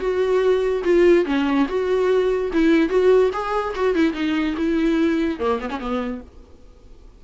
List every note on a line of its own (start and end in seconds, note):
0.00 0.83 F#4
0.84 1.25 F4
1.25 1.67 C#4
1.69 2.51 F#4
2.53 2.89 E4
2.89 3.31 F#4
3.33 3.74 G#4
3.76 3.95 F#4
3.95 4.14 E4
4.14 4.55 D#4
4.57 5.39 E4
5.39 5.60 A#3
5.61 5.70 B3
5.70 5.80 C#4
5.80 6.21 B3